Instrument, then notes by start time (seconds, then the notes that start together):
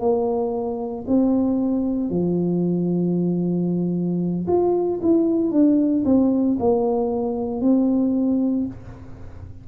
tuba
0.00 A#3
1.08 C4
2.10 F3
4.47 F4
5.02 E4
5.51 D4
6.05 C4
6.59 A#3
7.61 C4